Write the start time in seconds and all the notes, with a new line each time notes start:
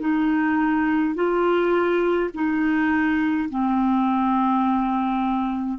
0.00 D#4
1.15 F4
2.34 D#4
3.50 C4